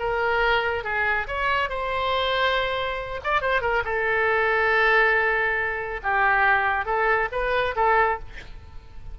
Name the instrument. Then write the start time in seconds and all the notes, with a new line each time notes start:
oboe
0.00 A#4
0.84 G#4
1.28 C#5
1.70 C5
3.24 D5
3.42 C5
3.62 A#4
3.85 A4
6.03 G4
6.86 A4
7.32 B4
7.76 A4